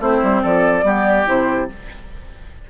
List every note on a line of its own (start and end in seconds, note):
0.00 0.21 A3
0.00 0.83 C4
0.00 0.43 E4
0.00 0.44 C5
0.23 0.44 G3
0.43 0.84 F3
0.43 0.85 A4
0.43 1.28 D5
0.83 1.26 G3
0.83 1.25 B3
0.83 1.70 G4
1.26 1.70 C3
1.26 1.68 E4
1.26 1.70 C5